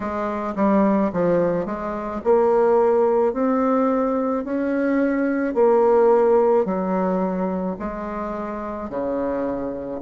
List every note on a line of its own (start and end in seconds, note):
0.00 0.54 G#3
0.55 1.11 G3
1.13 1.65 F3
1.65 2.21 G#3
2.24 3.33 A#3
3.33 4.44 C4
4.44 5.54 C#4
5.54 6.65 A#3
6.65 7.76 F#3
7.79 8.89 G#3
8.89 10.00 C#3